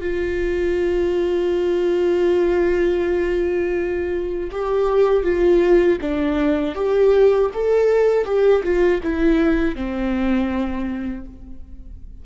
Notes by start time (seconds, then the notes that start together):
0.00 F4
4.51 G4
5.23 F4
6.01 D4
6.75 G4
7.53 A4
8.25 G4
8.63 F4
9.02 E4
9.75 C4